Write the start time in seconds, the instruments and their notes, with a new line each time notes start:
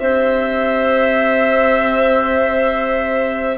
0.00 bassoon C4, saxophone G4, clarinet C5, violin E5